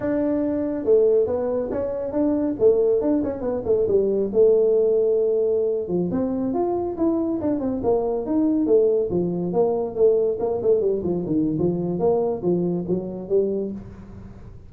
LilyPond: \new Staff \with { instrumentName = "tuba" } { \time 4/4 \tempo 4 = 140 d'2 a4 b4 | cis'4 d'4 a4 d'8 cis'8 | b8 a8 g4 a2~ | a4.~ a16 f8 c'4 f'8.~ |
f'16 e'4 d'8 c'8 ais4 dis'8.~ | dis'16 a4 f4 ais4 a8.~ | a16 ais8 a8 g8 f8 dis8. f4 | ais4 f4 fis4 g4 | }